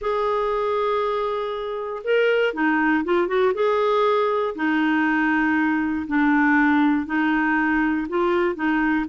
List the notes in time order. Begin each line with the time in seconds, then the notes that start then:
0.01 G#4
2.04 A#4
2.53 D#4
3.04 F4
3.27 F#4
3.54 G#4
4.55 D#4
6.07 D4
7.06 D#4
8.08 F4
8.55 D#4